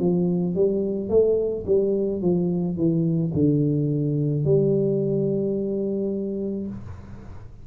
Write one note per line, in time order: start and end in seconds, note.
0.00 0.56 F3
0.56 1.10 G3
1.10 1.65 A3
1.67 2.22 G3
2.22 2.77 F3
2.77 3.32 E3
3.34 4.45 D3
4.45 6.67 G3